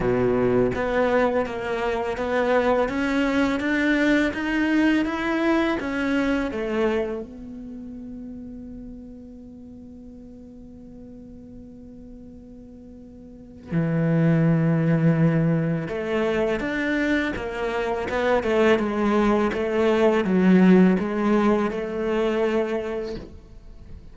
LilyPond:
\new Staff \with { instrumentName = "cello" } { \time 4/4 \tempo 4 = 83 b,4 b4 ais4 b4 | cis'4 d'4 dis'4 e'4 | cis'4 a4 b2~ | b1~ |
b2. e4~ | e2 a4 d'4 | ais4 b8 a8 gis4 a4 | fis4 gis4 a2 | }